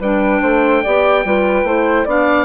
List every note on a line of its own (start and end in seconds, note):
0.00 0.41 G3
0.00 0.85 D4
0.00 0.41 B4
0.00 2.08 G5
0.42 0.84 A3
0.42 0.83 C5
0.83 1.25 B3
0.83 1.26 G4
0.83 1.24 D5
1.25 1.64 G3
1.25 1.65 F4
1.25 1.68 B4
1.64 2.05 A3
1.64 2.07 E4
1.64 2.05 C5
2.05 2.45 B3
2.05 2.45 D4
2.05 2.45 D5
2.05 2.45 F5